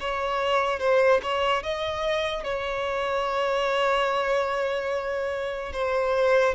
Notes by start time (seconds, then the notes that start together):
0.00 C#5
0.80 C5
1.23 C#5
1.63 D#5
2.44 C#5
5.73 C5